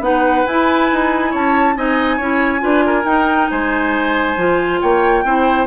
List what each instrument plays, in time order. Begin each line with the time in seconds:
0.00 bassoon B3, clarinet D#4, oboe B4, flute F#5
0.47 bassoon E4, clarinet E4, flute G#5
0.92 bassoon D#4
1.31 bassoon C#4, oboe C#5, flute A5
1.76 bassoon C4, clarinet D#4, oboe D#5, flute G#5
2.17 bassoon C#4, clarinet E4, oboe C#5
2.59 bassoon D4, clarinet F4, oboe B4
2.86 oboe A#4
3.04 bassoon D#4, clarinet D#4, flute G5
3.50 bassoon G#3, oboe C5, flute G#5
4.37 bassoon F3, clarinet F4
4.81 bassoon A#3, oboe C#5, flute G5
5.24 bassoon C4, clarinet E4, oboe C5